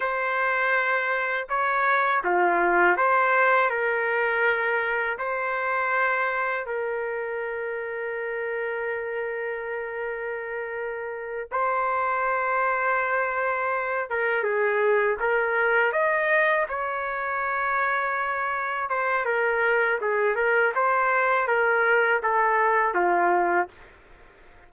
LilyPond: \new Staff \with { instrumentName = "trumpet" } { \time 4/4 \tempo 4 = 81 c''2 cis''4 f'4 | c''4 ais'2 c''4~ | c''4 ais'2.~ | ais'2.~ ais'8 c''8~ |
c''2. ais'8 gis'8~ | gis'8 ais'4 dis''4 cis''4.~ | cis''4. c''8 ais'4 gis'8 ais'8 | c''4 ais'4 a'4 f'4 | }